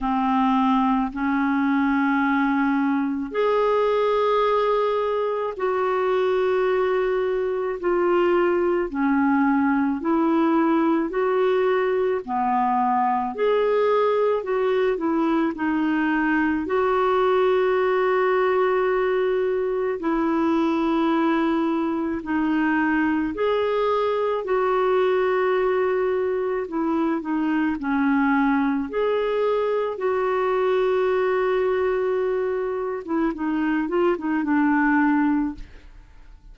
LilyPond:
\new Staff \with { instrumentName = "clarinet" } { \time 4/4 \tempo 4 = 54 c'4 cis'2 gis'4~ | gis'4 fis'2 f'4 | cis'4 e'4 fis'4 b4 | gis'4 fis'8 e'8 dis'4 fis'4~ |
fis'2 e'2 | dis'4 gis'4 fis'2 | e'8 dis'8 cis'4 gis'4 fis'4~ | fis'4.~ fis'16 e'16 dis'8 f'16 dis'16 d'4 | }